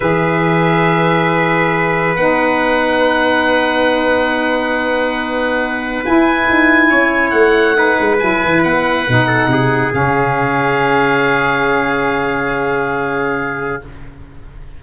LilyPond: <<
  \new Staff \with { instrumentName = "oboe" } { \time 4/4 \tempo 4 = 139 e''1~ | e''4 fis''2.~ | fis''1~ | fis''2 gis''2~ |
gis''4 fis''2 gis''4 | fis''2. f''4~ | f''1~ | f''1 | }
  \new Staff \with { instrumentName = "trumpet" } { \time 4/4 b'1~ | b'1~ | b'1~ | b'1 |
cis''2 b'2~ | b'4. a'8 gis'2~ | gis'1~ | gis'1 | }
  \new Staff \with { instrumentName = "saxophone" } { \time 4/4 gis'1~ | gis'4 dis'2.~ | dis'1~ | dis'2 e'2~ |
e'2 dis'4 e'4~ | e'4 dis'2 cis'4~ | cis'1~ | cis'1 | }
  \new Staff \with { instrumentName = "tuba" } { \time 4/4 e1~ | e4 b2.~ | b1~ | b2 e'4 dis'4 |
cis'4 a4. gis8 fis8 e8 | b4 b,4 c4 cis4~ | cis1~ | cis1 | }
>>